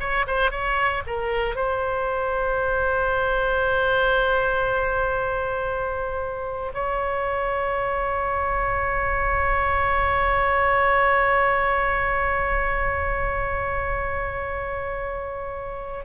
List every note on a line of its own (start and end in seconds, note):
0.00 0.26 C#5
0.27 0.51 C5
0.51 1.03 C#5
1.06 1.55 A#4
1.55 6.72 C5
6.73 16.04 C#5